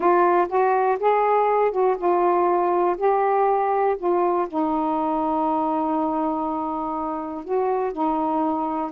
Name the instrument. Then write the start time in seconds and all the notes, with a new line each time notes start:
saxophone
0.00 F4
0.48 F#4
0.99 G#4
1.71 F#4
1.97 F4
2.97 G4
3.97 F4
4.47 D#4
7.44 F#4
7.92 D#4